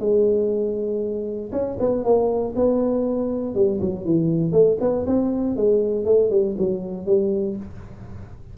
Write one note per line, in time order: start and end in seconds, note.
0.00 1.51 G#3
1.52 1.77 C#4
1.80 2.04 B3
2.04 2.55 A#3
2.56 3.55 B3
3.55 3.80 G3
3.81 4.05 F#3
4.05 4.52 E3
4.52 4.77 A3
4.81 5.06 B3
5.07 5.57 C4
5.57 6.05 G#3
6.05 6.30 A3
6.30 6.56 G3
6.58 7.06 F#3
7.06 7.57 G3